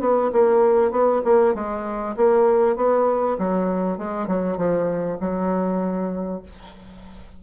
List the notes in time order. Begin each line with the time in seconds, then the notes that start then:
0.00 B3
0.32 A#3
0.91 B3
1.24 A#3
1.54 G#3
2.16 A#3
2.76 B3
3.38 F#3
3.98 G#3
4.27 F#3
4.57 F3
5.20 F#3